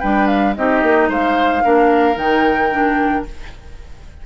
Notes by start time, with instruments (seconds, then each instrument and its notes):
0.00 bassoon G3, clarinet D4, oboe B4, flute G5
0.27 flute F5
0.56 bassoon C4, clarinet D#4, oboe G4, flute D#5
0.83 bassoon A#3
1.09 bassoon G#3, oboe C5, flute F5
1.64 bassoon A#3, clarinet D4, oboe A#4
2.15 bassoon D#3, clarinet D#4, flute G5
2.72 clarinet D4